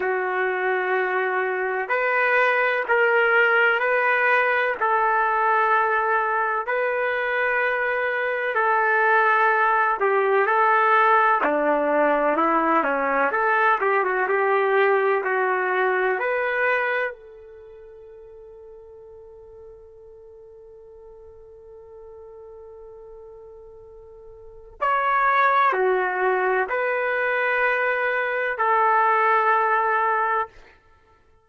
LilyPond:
\new Staff \with { instrumentName = "trumpet" } { \time 4/4 \tempo 4 = 63 fis'2 b'4 ais'4 | b'4 a'2 b'4~ | b'4 a'4. g'8 a'4 | d'4 e'8 cis'8 a'8 g'16 fis'16 g'4 |
fis'4 b'4 a'2~ | a'1~ | a'2 cis''4 fis'4 | b'2 a'2 | }